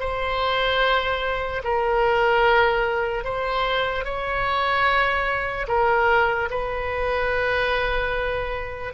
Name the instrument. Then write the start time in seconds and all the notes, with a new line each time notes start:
oboe
0.00 C5
1.64 A#4
3.24 C5
4.05 C#5
5.68 A#4
6.50 B4